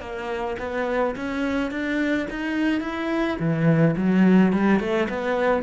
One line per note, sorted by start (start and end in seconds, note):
0.00 0.56 A#3
0.59 1.15 B3
1.16 1.71 C#4
1.71 2.27 D4
2.30 2.81 D#4
2.81 3.37 E4
3.39 3.95 E3
3.97 4.53 F#3
4.53 4.80 G3
4.80 5.08 A3
5.09 5.63 B3